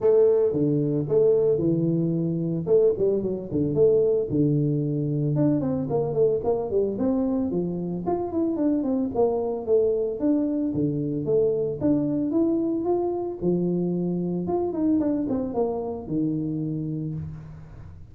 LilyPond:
\new Staff \with { instrumentName = "tuba" } { \time 4/4 \tempo 4 = 112 a4 d4 a4 e4~ | e4 a8 g8 fis8 d8 a4 | d2 d'8 c'8 ais8 a8 | ais8 g8 c'4 f4 f'8 e'8 |
d'8 c'8 ais4 a4 d'4 | d4 a4 d'4 e'4 | f'4 f2 f'8 dis'8 | d'8 c'8 ais4 dis2 | }